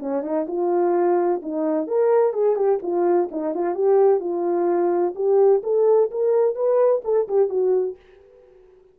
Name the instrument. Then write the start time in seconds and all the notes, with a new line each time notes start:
horn
0.00 C#4
0.23 D#4
0.48 F4
1.43 D#4
1.87 A#4
2.33 G#4
2.56 G4
2.83 F4
3.31 D#4
3.55 F4
3.75 G4
4.20 F4
5.15 G4
5.64 A4
6.11 A#4
6.55 B4
7.04 A4
7.28 G4
7.50 F#4